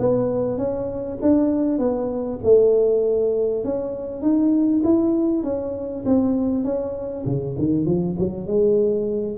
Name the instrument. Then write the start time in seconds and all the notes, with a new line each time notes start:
tuba
0.00 B3
0.58 C#4
1.22 D4
1.79 B3
2.44 A3
3.64 C#4
4.22 D#4
4.84 E4
5.44 C#4
6.06 C4
6.64 C#4
7.26 C#3
7.59 D#3
7.86 F3
8.19 F#3
8.47 G#3